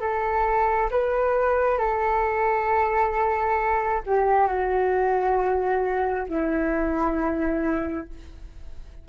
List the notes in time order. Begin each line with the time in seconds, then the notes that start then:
0.00 A4
0.90 B4
1.78 A4
4.06 G4
4.47 F#4
6.28 E4